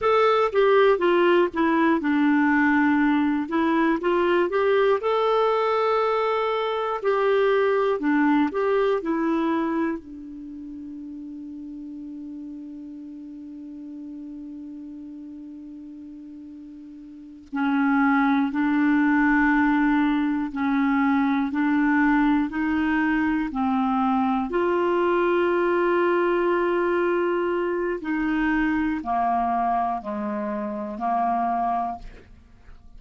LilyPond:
\new Staff \with { instrumentName = "clarinet" } { \time 4/4 \tempo 4 = 60 a'8 g'8 f'8 e'8 d'4. e'8 | f'8 g'8 a'2 g'4 | d'8 g'8 e'4 d'2~ | d'1~ |
d'4. cis'4 d'4.~ | d'8 cis'4 d'4 dis'4 c'8~ | c'8 f'2.~ f'8 | dis'4 ais4 gis4 ais4 | }